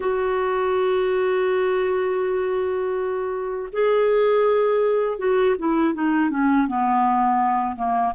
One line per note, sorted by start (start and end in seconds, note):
0.00 3.69 F#4
3.72 5.18 G#4
5.18 5.55 F#4
5.58 5.94 E4
5.94 6.30 D#4
6.30 6.67 C#4
6.67 7.76 B3
7.76 8.13 A#3